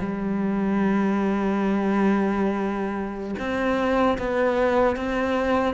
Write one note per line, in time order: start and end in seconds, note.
0.00 3.36 G3
3.39 4.18 C4
4.19 4.97 B3
4.97 5.75 C4